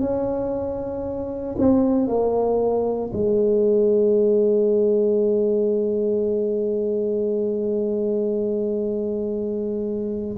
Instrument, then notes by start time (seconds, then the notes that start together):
tuba
0.00 C#4
1.58 C4
2.07 A#3
3.13 G#3